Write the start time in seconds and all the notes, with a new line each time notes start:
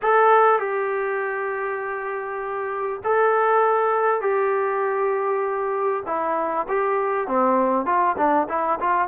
0.02 A4
0.59 G4
3.04 A4
4.21 G4
6.06 E4
6.68 G4
7.27 C4
7.85 F4
8.17 D4
8.48 E4
8.80 F4